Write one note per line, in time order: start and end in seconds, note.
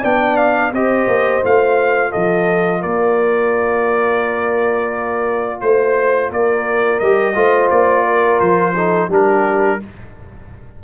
0.00 0.72 B3
0.00 0.74 D4
0.00 0.70 D5
0.00 0.37 G5
0.37 0.72 F5
0.72 1.07 C4
0.72 1.43 G4
0.72 2.10 C5
0.72 1.44 D#5
1.07 1.42 A#3
1.43 2.14 A3
1.43 7.01 F4
1.43 2.12 F5
2.10 2.84 F3
2.10 2.80 A4
2.10 2.82 D#5
2.81 5.61 A#3
2.81 5.60 A#4
2.81 5.61 D5
5.61 6.30 A3
5.61 6.30 C5
6.30 7.00 A#3
6.30 7.35 A#4
6.30 6.99 D5
6.99 7.35 G3
6.99 7.35 G4
6.99 7.69 D#5
7.35 7.70 A3
7.35 8.74 F4
7.35 8.05 C5
7.70 8.40 A#3
7.70 8.40 D5
8.05 8.74 A#4
8.40 9.09 F3
8.40 9.09 C5
8.76 9.10 D#4
8.76 9.09 A4
9.09 9.79 G3
9.09 9.80 D4
9.09 9.79 G4
9.09 9.83 A#4